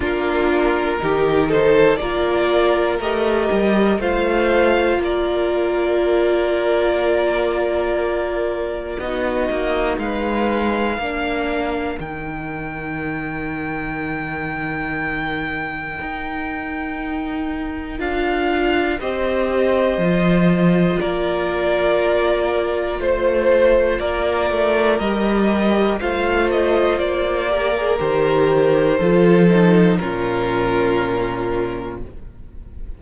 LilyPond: <<
  \new Staff \with { instrumentName = "violin" } { \time 4/4 \tempo 4 = 60 ais'4. c''8 d''4 dis''4 | f''4 d''2.~ | d''4 dis''4 f''2 | g''1~ |
g''2 f''4 dis''4~ | dis''4 d''2 c''4 | d''4 dis''4 f''8 dis''8 d''4 | c''2 ais'2 | }
  \new Staff \with { instrumentName = "violin" } { \time 4/4 f'4 g'8 a'8 ais'2 | c''4 ais'2.~ | ais'4 fis'4 b'4 ais'4~ | ais'1~ |
ais'2. c''4~ | c''4 ais'2 c''4 | ais'2 c''4. ais'8~ | ais'4 a'4 f'2 | }
  \new Staff \with { instrumentName = "viola" } { \time 4/4 d'4 dis'4 f'4 g'4 | f'1~ | f'4 dis'2 d'4 | dis'1~ |
dis'2 f'4 g'4 | f'1~ | f'4 g'4 f'4. g'16 gis'16 | g'4 f'8 dis'8 cis'2 | }
  \new Staff \with { instrumentName = "cello" } { \time 4/4 ais4 dis4 ais4 a8 g8 | a4 ais2.~ | ais4 b8 ais8 gis4 ais4 | dis1 |
dis'2 d'4 c'4 | f4 ais2 a4 | ais8 a8 g4 a4 ais4 | dis4 f4 ais,2 | }
>>